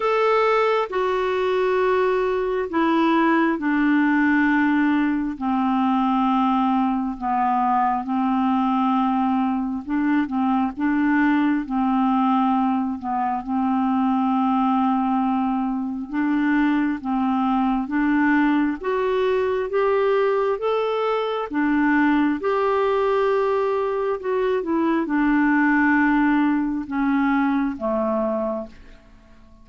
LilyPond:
\new Staff \with { instrumentName = "clarinet" } { \time 4/4 \tempo 4 = 67 a'4 fis'2 e'4 | d'2 c'2 | b4 c'2 d'8 c'8 | d'4 c'4. b8 c'4~ |
c'2 d'4 c'4 | d'4 fis'4 g'4 a'4 | d'4 g'2 fis'8 e'8 | d'2 cis'4 a4 | }